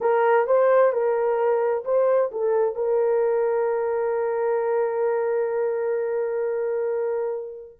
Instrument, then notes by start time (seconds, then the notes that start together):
horn
0.01 A#4
0.46 C5
0.92 A#4
1.84 C5
2.31 A4
2.75 A#4